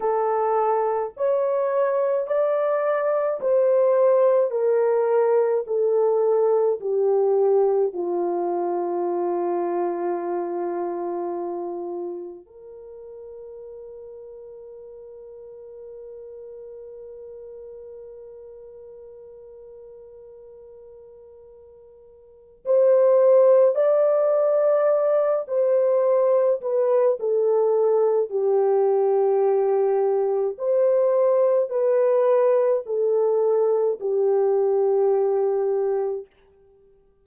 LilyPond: \new Staff \with { instrumentName = "horn" } { \time 4/4 \tempo 4 = 53 a'4 cis''4 d''4 c''4 | ais'4 a'4 g'4 f'4~ | f'2. ais'4~ | ais'1~ |
ais'1 | c''4 d''4. c''4 b'8 | a'4 g'2 c''4 | b'4 a'4 g'2 | }